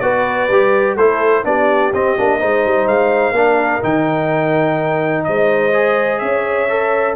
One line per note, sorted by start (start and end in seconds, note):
0.00 0.49 B3
0.00 0.49 F#4
0.00 0.96 B4
0.00 0.95 D5
0.49 0.96 G3
0.49 0.98 G4
0.96 1.44 A3
0.96 1.44 E4
0.96 1.44 A4
0.96 1.44 C5
1.44 1.92 B3
1.44 1.92 D4
1.44 2.39 G4
1.44 1.93 D5
1.92 2.16 C4
1.92 2.17 C4
1.92 2.87 D#5
2.17 2.42 A#3
2.17 2.39 D4
2.39 2.65 G#3
2.39 3.34 D#4
2.39 3.33 C5
2.65 2.87 G3
2.87 3.31 G#3
2.87 3.83 F5
3.31 3.79 A#3
3.31 3.82 D4
3.31 5.23 A#4
3.82 5.26 D#3
3.82 5.72 D#4
3.82 5.24 G5
5.24 6.21 G#3
5.24 6.21 C5
5.24 6.19 D#5
5.73 6.68 G#4
6.19 7.16 C#4
6.19 7.16 C#5
6.19 7.14 E5
6.69 7.16 A4